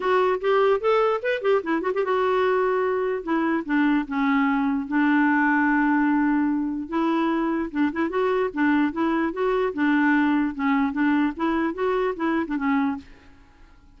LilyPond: \new Staff \with { instrumentName = "clarinet" } { \time 4/4 \tempo 4 = 148 fis'4 g'4 a'4 b'8 g'8 | e'8 fis'16 g'16 fis'2. | e'4 d'4 cis'2 | d'1~ |
d'4 e'2 d'8 e'8 | fis'4 d'4 e'4 fis'4 | d'2 cis'4 d'4 | e'4 fis'4 e'8. d'16 cis'4 | }